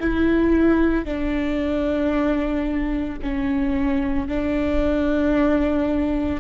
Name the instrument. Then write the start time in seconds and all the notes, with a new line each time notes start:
viola
0.00 E4
1.05 D4
3.22 C#4
4.28 D4